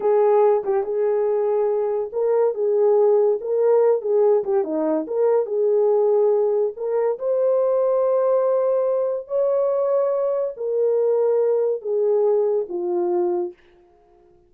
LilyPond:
\new Staff \with { instrumentName = "horn" } { \time 4/4 \tempo 4 = 142 gis'4. g'8 gis'2~ | gis'4 ais'4 gis'2 | ais'4. gis'4 g'8 dis'4 | ais'4 gis'2. |
ais'4 c''2.~ | c''2 cis''2~ | cis''4 ais'2. | gis'2 f'2 | }